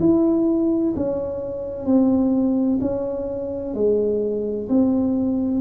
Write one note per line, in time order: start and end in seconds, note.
0.00 0.94 E4
0.96 1.85 C#4
1.85 2.79 C4
2.81 3.74 C#4
3.74 4.68 G#3
4.69 5.61 C4